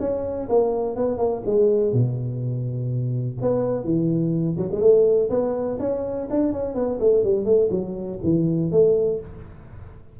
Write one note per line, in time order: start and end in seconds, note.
0.00 0.48 C#4
0.49 0.96 A#3
0.96 1.18 B3
1.18 1.42 A#3
1.46 1.93 G#3
1.93 3.38 B2
3.42 3.84 B3
3.84 4.57 E3
4.57 4.69 F#3
4.72 4.81 G#3
4.81 5.30 A3
5.30 5.78 B3
5.80 6.28 C#4
6.30 6.53 D4
6.53 6.75 C#4
6.75 6.99 B3
7.00 7.24 A3
7.24 7.45 G3
7.45 7.69 A3
7.70 8.19 F#3
8.23 8.71 E3
8.71 9.20 A3